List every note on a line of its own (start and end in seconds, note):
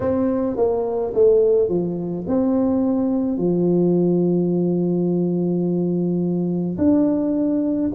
0.00 0.56 C4
0.56 1.13 A#3
1.13 1.68 A3
1.68 2.25 F3
2.26 3.37 C4
3.37 6.77 F3
6.78 7.91 D4